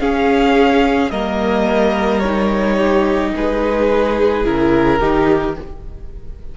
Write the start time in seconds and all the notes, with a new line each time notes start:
0.00 C#4 G#4 F5
1.10 G3 A#3 A#4 D#5
2.19 D#4 C#5
2.77 G4
3.36 G#3 G#4 B4
4.44 C#3 E4 A#4
4.99 D#3 D#4 G4